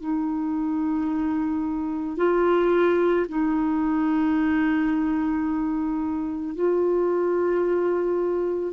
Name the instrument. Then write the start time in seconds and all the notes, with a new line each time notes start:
clarinet
0.00 D#4
2.18 F4
3.29 D#4
6.56 F4